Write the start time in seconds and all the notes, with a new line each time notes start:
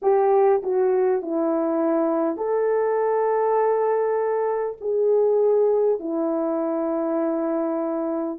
0.02 G4
0.63 F#4
1.22 E4
2.37 A4
4.80 G#4
5.99 E4